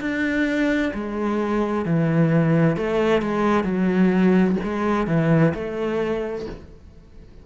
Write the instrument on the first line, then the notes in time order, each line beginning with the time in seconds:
cello
0.00 D4
0.94 G#3
1.85 E3
2.77 A3
3.22 G#3
3.64 F#3
4.63 G#3
5.07 E3
5.54 A3